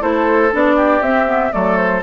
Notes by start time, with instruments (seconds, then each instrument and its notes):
0.00 bassoon A3, clarinet E4, oboe A4, flute C5
0.52 bassoon B3, clarinet D4, flute D5
0.76 oboe G4
1.01 bassoon C4, clarinet C4, flute E5
1.26 clarinet B3
1.51 bassoon F#3, clarinet A3, oboe A4, flute D5
1.76 flute C5